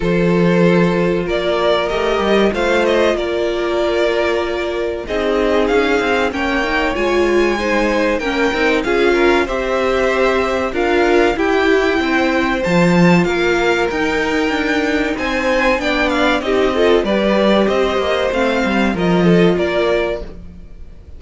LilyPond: <<
  \new Staff \with { instrumentName = "violin" } { \time 4/4 \tempo 4 = 95 c''2 d''4 dis''4 | f''8 dis''8 d''2. | dis''4 f''4 g''4 gis''4~ | gis''4 g''4 f''4 e''4~ |
e''4 f''4 g''2 | a''4 f''4 g''2 | gis''4 g''8 f''8 dis''4 d''4 | dis''4 f''4 dis''4 d''4 | }
  \new Staff \with { instrumentName = "violin" } { \time 4/4 a'2 ais'2 | c''4 ais'2. | gis'2 cis''2 | c''4 ais'4 gis'8 ais'8 c''4~ |
c''4 ais'4 g'4 c''4~ | c''4 ais'2. | c''4 d''4 g'8 a'8 b'4 | c''2 ais'8 a'8 ais'4 | }
  \new Staff \with { instrumentName = "viola" } { \time 4/4 f'2. g'4 | f'1 | dis'2 cis'8 dis'8 f'4 | dis'4 cis'8 dis'8 f'4 g'4~ |
g'4 f'4 e'2 | f'2 dis'2~ | dis'4 d'4 dis'8 f'8 g'4~ | g'4 c'4 f'2 | }
  \new Staff \with { instrumentName = "cello" } { \time 4/4 f2 ais4 a8 g8 | a4 ais2. | c'4 cis'8 c'8 ais4 gis4~ | gis4 ais8 c'8 cis'4 c'4~ |
c'4 d'4 e'4 c'4 | f4 ais4 dis'4 d'4 | c'4 b4 c'4 g4 | c'8 ais8 a8 g8 f4 ais4 | }
>>